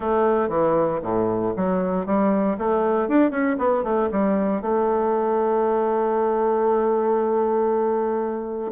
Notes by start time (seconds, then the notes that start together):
0.00 A3
0.48 E3
1.02 A2
1.56 F#3
2.06 G3
2.58 A3
3.08 D4
3.31 C#4
3.58 B3
3.83 A3
4.11 G3
4.61 A3